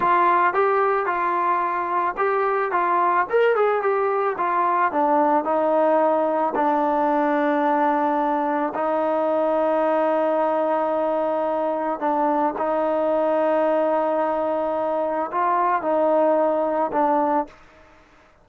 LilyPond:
\new Staff \with { instrumentName = "trombone" } { \time 4/4 \tempo 4 = 110 f'4 g'4 f'2 | g'4 f'4 ais'8 gis'8 g'4 | f'4 d'4 dis'2 | d'1 |
dis'1~ | dis'2 d'4 dis'4~ | dis'1 | f'4 dis'2 d'4 | }